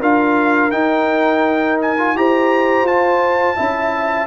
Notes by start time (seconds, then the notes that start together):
0.00 D4 F4 A#4 F5
0.71 D#4 G5
1.81 G#5
1.98 F4
2.15 E4 G4 C5 A#5
2.82 F4 A5
3.56 C#4 E4 E5